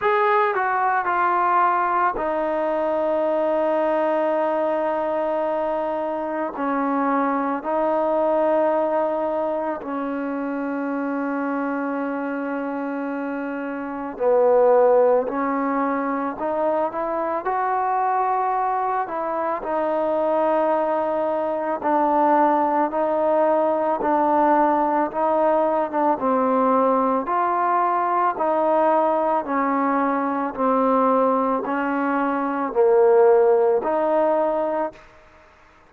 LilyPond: \new Staff \with { instrumentName = "trombone" } { \time 4/4 \tempo 4 = 55 gis'8 fis'8 f'4 dis'2~ | dis'2 cis'4 dis'4~ | dis'4 cis'2.~ | cis'4 b4 cis'4 dis'8 e'8 |
fis'4. e'8 dis'2 | d'4 dis'4 d'4 dis'8. d'16 | c'4 f'4 dis'4 cis'4 | c'4 cis'4 ais4 dis'4 | }